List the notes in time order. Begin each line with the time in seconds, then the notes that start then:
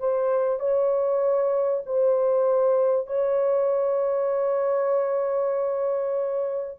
0.00 C5
0.60 C#5
1.86 C5
3.07 C#5